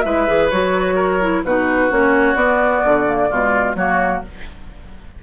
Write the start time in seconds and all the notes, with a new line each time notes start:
0.00 G#3 E4 B4 E5
0.27 E3 G#4
0.50 F#3 F#4 C#5
0.95 A#4
1.20 E4
1.43 B2 D#4 F#4 B4
1.90 A#3 C#4 C#5
2.34 B3 D5
2.84 D3
3.05 A#3
3.29 B2 G#3 F4
3.75 F#3 A#3 F#4 C#5